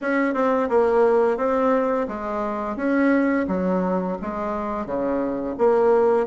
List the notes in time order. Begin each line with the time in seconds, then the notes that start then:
0.01 C#4
0.34 C4
0.69 A#3
1.37 C4
2.07 G#3
2.76 C#4
3.47 F#3
4.21 G#3
4.86 C#3
5.58 A#3